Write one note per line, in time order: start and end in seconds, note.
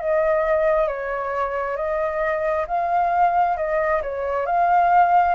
0.00 0.88 D#5
0.88 1.77 C#5
1.77 2.66 D#5
2.67 3.57 F5
3.57 4.02 D#5
4.03 4.46 C#5
4.46 5.35 F5